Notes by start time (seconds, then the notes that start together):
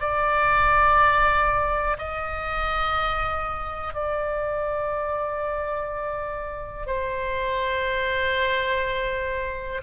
0.00 D5
1.98 D#5
3.94 D5
6.86 C5